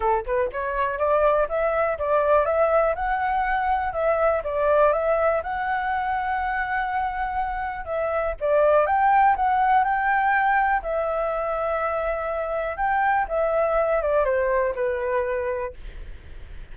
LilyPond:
\new Staff \with { instrumentName = "flute" } { \time 4/4 \tempo 4 = 122 a'8 b'8 cis''4 d''4 e''4 | d''4 e''4 fis''2 | e''4 d''4 e''4 fis''4~ | fis''1 |
e''4 d''4 g''4 fis''4 | g''2 e''2~ | e''2 g''4 e''4~ | e''8 d''8 c''4 b'2 | }